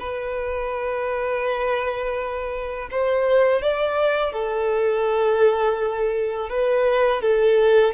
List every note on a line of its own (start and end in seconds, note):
0.00 2.89 B4
2.91 3.62 C5
3.62 4.33 D5
4.33 6.50 A4
6.50 7.22 B4
7.22 7.94 A4